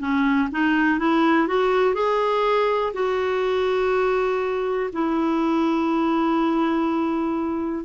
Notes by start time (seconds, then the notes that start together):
0.00 C#4
0.52 D#4
0.99 E4
1.48 F#4
1.95 G#4
2.94 F#4
4.93 E4